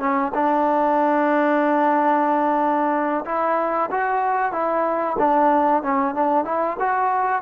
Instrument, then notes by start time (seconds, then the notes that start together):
trombone
0.00 C#4
0.35 D4
3.26 E4
3.91 F#4
4.53 E4
5.19 D4
5.83 C#4
6.15 D4
6.45 E4
6.80 F#4